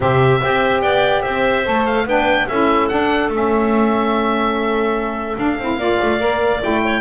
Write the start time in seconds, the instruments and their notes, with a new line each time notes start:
0.00 double bass C3, saxophone C4, clarinet G4, oboe E5
0.41 double bass C4, saxophone G4, clarinet C5
0.81 double bass B3, clarinet D5, oboe G5
1.22 double bass C4, clarinet C5, oboe E5
1.64 double bass A3, saxophone A4
1.86 oboe F5
2.05 double bass B3, saxophone D4, clarinet B4, oboe G5
2.48 double bass C#4, saxophone E4, clarinet A4, oboe E5
2.88 double bass D4, saxophone D4, oboe F#5
3.29 double bass A3, saxophone C#4
3.35 oboe E5
5.36 saxophone D4, double bass D4, oboe F5
5.58 double bass C4, saxophone E4
5.77 double bass A#3, saxophone F4, clarinet D5
6.01 double bass A3
6.19 double bass A#3, saxophone A#4
6.60 double bass A3, saxophone E4, oboe G5
6.83 clarinet C#5